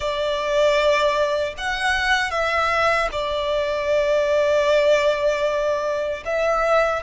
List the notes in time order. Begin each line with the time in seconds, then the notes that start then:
0.00 D5
1.57 F#5
2.30 E5
3.12 D5
6.25 E5